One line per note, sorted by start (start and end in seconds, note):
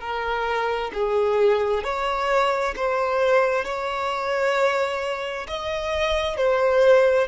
0.00 0.91 A#4
0.93 1.83 G#4
1.83 2.74 C#5
2.76 3.64 C5
3.64 5.46 C#5
5.48 6.37 D#5
6.37 7.27 C5